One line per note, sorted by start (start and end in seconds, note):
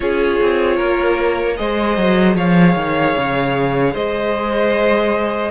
0.00 0.40 C#4
0.00 1.56 F4
0.00 0.76 G#4
0.00 1.57 C#5
0.40 0.80 C4
0.76 1.59 A#3
0.76 1.55 A#4
1.56 1.97 G#3
1.56 5.50 G#4
1.56 2.36 C5
1.56 2.36 D#5
1.97 2.35 F#3
2.35 2.75 F3
2.35 3.93 C#5
2.35 3.95 F5
2.75 3.15 D#3
3.16 3.95 C#3
3.93 5.50 G#3
3.93 5.50 C5
3.93 5.50 D#5